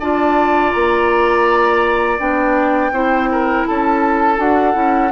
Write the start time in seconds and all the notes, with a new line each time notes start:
0.00 D4 F4 D5 A5
0.71 A#3 A#5
2.18 B3 D4 G5
2.91 C4 E4 C5
3.31 A#4
3.67 C#4 A4 A5
4.37 D4 F#4 F#5
4.73 C#4 E4